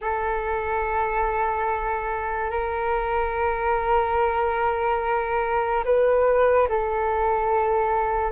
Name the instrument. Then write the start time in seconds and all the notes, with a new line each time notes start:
flute
0.01 A4
2.50 A#4
5.84 B4
6.69 A4